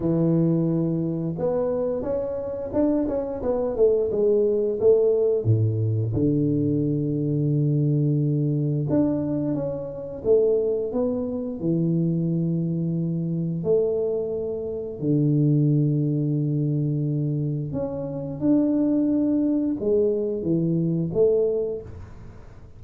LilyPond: \new Staff \with { instrumentName = "tuba" } { \time 4/4 \tempo 4 = 88 e2 b4 cis'4 | d'8 cis'8 b8 a8 gis4 a4 | a,4 d2.~ | d4 d'4 cis'4 a4 |
b4 e2. | a2 d2~ | d2 cis'4 d'4~ | d'4 gis4 e4 a4 | }